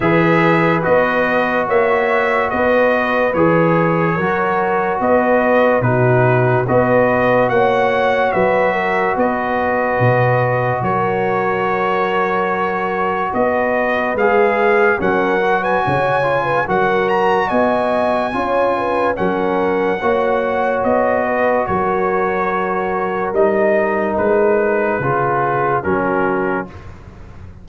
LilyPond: <<
  \new Staff \with { instrumentName = "trumpet" } { \time 4/4 \tempo 4 = 72 e''4 dis''4 e''4 dis''4 | cis''2 dis''4 b'4 | dis''4 fis''4 e''4 dis''4~ | dis''4 cis''2. |
dis''4 f''4 fis''8. gis''4~ gis''16 | fis''8 ais''8 gis''2 fis''4~ | fis''4 dis''4 cis''2 | dis''4 b'2 ais'4 | }
  \new Staff \with { instrumentName = "horn" } { \time 4/4 b'2 cis''4 b'4~ | b'4 ais'4 b'4 fis'4 | b'4 cis''4 b'8 ais'8 b'4~ | b'4 ais'2. |
b'2 ais'8. b'16 cis''8. b'16 | ais'4 dis''4 cis''8 b'8 ais'4 | cis''4. b'8 ais'2~ | ais'2 gis'4 fis'4 | }
  \new Staff \with { instrumentName = "trombone" } { \time 4/4 gis'4 fis'2. | gis'4 fis'2 dis'4 | fis'1~ | fis'1~ |
fis'4 gis'4 cis'8 fis'4 f'8 | fis'2 f'4 cis'4 | fis'1 | dis'2 f'4 cis'4 | }
  \new Staff \with { instrumentName = "tuba" } { \time 4/4 e4 b4 ais4 b4 | e4 fis4 b4 b,4 | b4 ais4 fis4 b4 | b,4 fis2. |
b4 gis4 fis4 cis4 | fis4 b4 cis'4 fis4 | ais4 b4 fis2 | g4 gis4 cis4 fis4 | }
>>